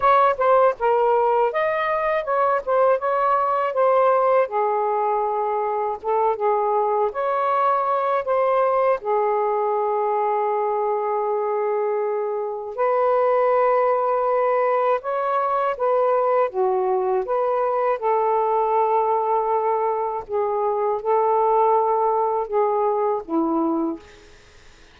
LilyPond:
\new Staff \with { instrumentName = "saxophone" } { \time 4/4 \tempo 4 = 80 cis''8 c''8 ais'4 dis''4 cis''8 c''8 | cis''4 c''4 gis'2 | a'8 gis'4 cis''4. c''4 | gis'1~ |
gis'4 b'2. | cis''4 b'4 fis'4 b'4 | a'2. gis'4 | a'2 gis'4 e'4 | }